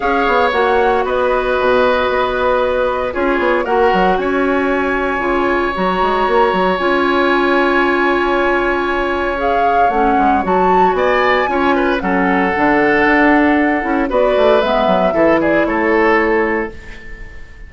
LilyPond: <<
  \new Staff \with { instrumentName = "flute" } { \time 4/4 \tempo 4 = 115 f''4 fis''4 dis''2~ | dis''2 cis''4 fis''4 | gis''2. ais''4~ | ais''4 gis''2.~ |
gis''2 f''4 fis''4 | a''4 gis''2 fis''4~ | fis''2. d''4 | e''4. d''8 cis''2 | }
  \new Staff \with { instrumentName = "oboe" } { \time 4/4 cis''2 b'2~ | b'2 gis'4 ais'4 | cis''1~ | cis''1~ |
cis''1~ | cis''4 d''4 cis''8 b'8 a'4~ | a'2. b'4~ | b'4 a'8 gis'8 a'2 | }
  \new Staff \with { instrumentName = "clarinet" } { \time 4/4 gis'4 fis'2.~ | fis'2 f'4 fis'4~ | fis'2 f'4 fis'4~ | fis'4 f'2.~ |
f'2 gis'4 cis'4 | fis'2 f'4 cis'4 | d'2~ d'8 e'8 fis'4 | b4 e'2. | }
  \new Staff \with { instrumentName = "bassoon" } { \time 4/4 cis'8 b8 ais4 b4 b,4 | b2 cis'8 b8 ais8 fis8 | cis'2 cis4 fis8 gis8 | ais8 fis8 cis'2.~ |
cis'2. a8 gis8 | fis4 b4 cis'4 fis4 | d4 d'4. cis'8 b8 a8 | gis8 fis8 e4 a2 | }
>>